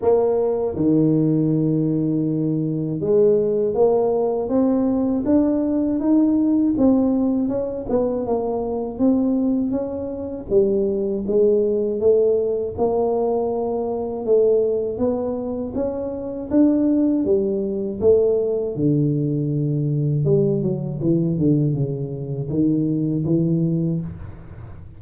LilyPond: \new Staff \with { instrumentName = "tuba" } { \time 4/4 \tempo 4 = 80 ais4 dis2. | gis4 ais4 c'4 d'4 | dis'4 c'4 cis'8 b8 ais4 | c'4 cis'4 g4 gis4 |
a4 ais2 a4 | b4 cis'4 d'4 g4 | a4 d2 g8 fis8 | e8 d8 cis4 dis4 e4 | }